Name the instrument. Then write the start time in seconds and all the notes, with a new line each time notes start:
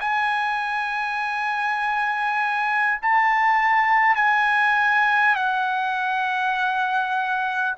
trumpet
0.00 G#5
3.02 A5
4.15 G#5
5.35 F#5